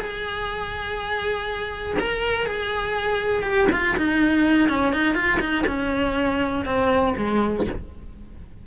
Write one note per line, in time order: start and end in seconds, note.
0.00 1.97 G#4
1.99 2.46 A#4
2.46 3.43 G#4
3.43 3.67 G4
3.72 3.97 F4
3.97 4.69 D#4
4.69 4.93 C#4
4.93 5.15 D#4
5.15 5.39 F4
5.40 5.65 D#4
5.67 6.65 C#4
6.65 7.14 C4
7.17 7.66 G#3